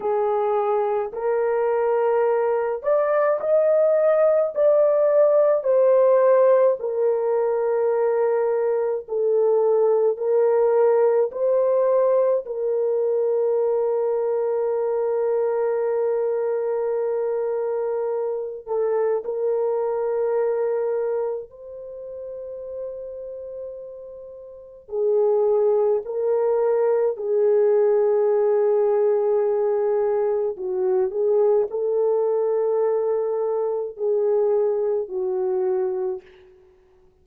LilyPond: \new Staff \with { instrumentName = "horn" } { \time 4/4 \tempo 4 = 53 gis'4 ais'4. d''8 dis''4 | d''4 c''4 ais'2 | a'4 ais'4 c''4 ais'4~ | ais'1~ |
ais'8 a'8 ais'2 c''4~ | c''2 gis'4 ais'4 | gis'2. fis'8 gis'8 | a'2 gis'4 fis'4 | }